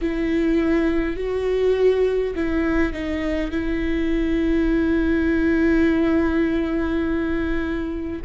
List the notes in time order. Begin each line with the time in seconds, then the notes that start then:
0.01 E4
1.16 F#4
2.35 E4
2.93 D#4
3.51 E4